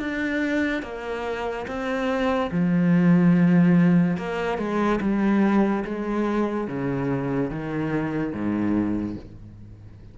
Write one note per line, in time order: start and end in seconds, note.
0.00 0.83 D4
0.83 1.66 A#3
1.67 2.51 C4
2.52 4.17 F3
4.17 4.58 A#3
4.58 5.00 G#3
5.01 5.84 G3
5.85 6.68 G#3
6.68 7.51 C#3
7.51 8.33 D#3
8.33 9.16 G#2